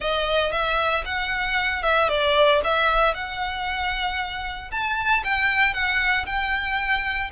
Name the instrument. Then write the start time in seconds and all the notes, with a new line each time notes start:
violin
0.00 D#5
0.51 E5
1.05 F#5
1.82 E5
2.08 D5
2.63 E5
3.14 F#5
4.71 A5
5.24 G5
5.73 F#5
6.26 G5